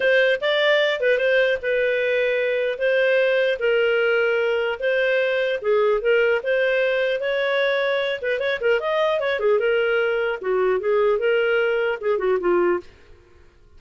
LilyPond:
\new Staff \with { instrumentName = "clarinet" } { \time 4/4 \tempo 4 = 150 c''4 d''4. b'8 c''4 | b'2. c''4~ | c''4 ais'2. | c''2 gis'4 ais'4 |
c''2 cis''2~ | cis''8 b'8 cis''8 ais'8 dis''4 cis''8 gis'8 | ais'2 fis'4 gis'4 | ais'2 gis'8 fis'8 f'4 | }